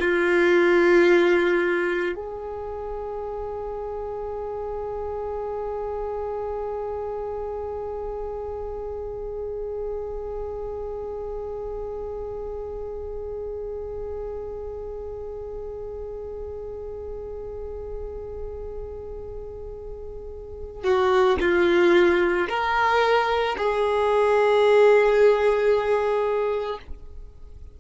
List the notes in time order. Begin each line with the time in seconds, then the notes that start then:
0.00 F4
2.15 G#4
20.84 F#4
21.41 F4
22.49 A#4
23.58 G#4